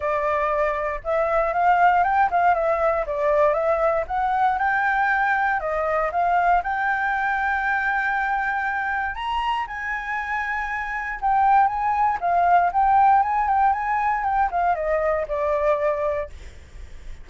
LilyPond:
\new Staff \with { instrumentName = "flute" } { \time 4/4 \tempo 4 = 118 d''2 e''4 f''4 | g''8 f''8 e''4 d''4 e''4 | fis''4 g''2 dis''4 | f''4 g''2.~ |
g''2 ais''4 gis''4~ | gis''2 g''4 gis''4 | f''4 g''4 gis''8 g''8 gis''4 | g''8 f''8 dis''4 d''2 | }